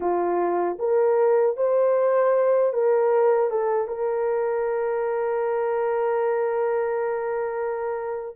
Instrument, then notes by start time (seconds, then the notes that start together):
horn
0.00 F4
0.79 A#4
1.56 C5
2.73 A#4
3.50 A4
3.87 A#4